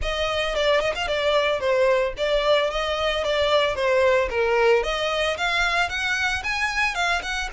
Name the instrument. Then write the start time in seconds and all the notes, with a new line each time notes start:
violin
0.01 D#5
0.55 D5
0.80 D#5
0.95 F5
1.07 D5
1.60 C5
2.17 D5
2.70 D#5
3.23 D5
3.75 C5
4.30 A#4
4.83 D#5
5.37 F5
5.89 F#5
6.43 G#5
6.94 F5
7.22 F#5